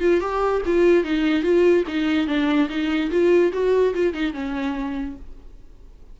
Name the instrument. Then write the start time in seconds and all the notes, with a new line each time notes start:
viola
0.00 F4
0.20 G4
0.65 F4
1.04 D#4
1.43 F4
1.88 D#4
2.27 D4
2.69 D#4
3.11 F4
3.53 F#4
3.94 F4
4.13 D#4
4.33 C#4